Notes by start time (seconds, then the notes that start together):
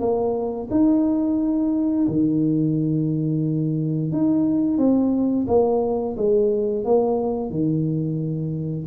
0.00 A#3
0.71 D#4
2.08 D#3
4.12 D#4
4.78 C4
5.48 A#3
6.17 G#3
6.85 A#3
7.50 D#3